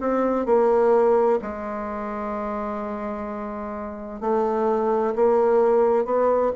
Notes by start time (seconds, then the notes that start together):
0.00 C4
0.45 A#3
1.41 G#3
4.20 A3
5.15 A#3
6.05 B3